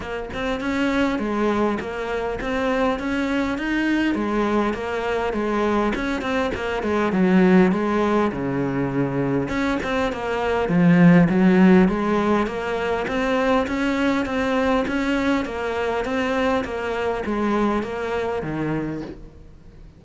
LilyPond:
\new Staff \with { instrumentName = "cello" } { \time 4/4 \tempo 4 = 101 ais8 c'8 cis'4 gis4 ais4 | c'4 cis'4 dis'4 gis4 | ais4 gis4 cis'8 c'8 ais8 gis8 | fis4 gis4 cis2 |
cis'8 c'8 ais4 f4 fis4 | gis4 ais4 c'4 cis'4 | c'4 cis'4 ais4 c'4 | ais4 gis4 ais4 dis4 | }